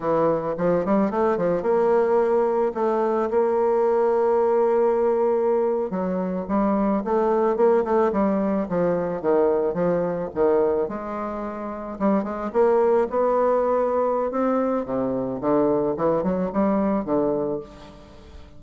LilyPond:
\new Staff \with { instrumentName = "bassoon" } { \time 4/4 \tempo 4 = 109 e4 f8 g8 a8 f8 ais4~ | ais4 a4 ais2~ | ais2~ ais8. fis4 g16~ | g8. a4 ais8 a8 g4 f16~ |
f8. dis4 f4 dis4 gis16~ | gis4.~ gis16 g8 gis8 ais4 b16~ | b2 c'4 c4 | d4 e8 fis8 g4 d4 | }